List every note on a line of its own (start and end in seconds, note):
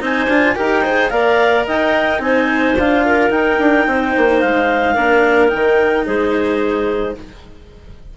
0.00 0.27 C4
0.00 0.29 D#4
0.00 0.55 C5
0.00 0.57 G#5
0.27 0.55 D4
0.27 0.56 F4
0.56 1.12 D#4
0.56 0.83 G4
0.56 0.84 A#4
0.56 1.10 G5
0.84 1.11 G#4
0.84 1.11 C5
1.10 1.67 A#3
1.10 2.19 A#4
1.10 1.67 D5
1.10 1.65 F5
1.67 2.19 D#4
1.67 2.22 D#5
1.67 2.22 G5
2.19 2.75 C4
2.19 2.74 D#4
2.19 3.06 C5
2.19 2.77 G#5
2.78 3.30 D4
2.78 3.31 F4
2.78 3.31 F5
3.06 3.89 A#4
3.30 3.58 D#4
3.30 4.95 D#4
3.30 4.41 G5
3.59 3.87 D4
3.87 4.14 C4
3.87 4.94 C5
4.17 4.43 A#3
4.41 4.97 G#3
4.41 5.49 F5
4.94 5.52 A#3
4.94 5.48 D4
4.94 6.05 A#4
5.48 6.07 D#3
5.48 7.13 D#4
5.48 6.04 G5
6.05 7.17 G#3
6.05 7.15 G#4
6.05 7.17 C5